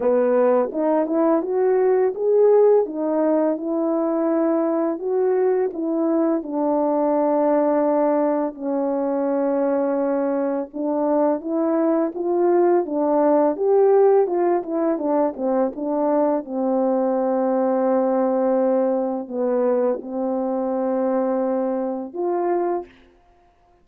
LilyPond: \new Staff \with { instrumentName = "horn" } { \time 4/4 \tempo 4 = 84 b4 dis'8 e'8 fis'4 gis'4 | dis'4 e'2 fis'4 | e'4 d'2. | cis'2. d'4 |
e'4 f'4 d'4 g'4 | f'8 e'8 d'8 c'8 d'4 c'4~ | c'2. b4 | c'2. f'4 | }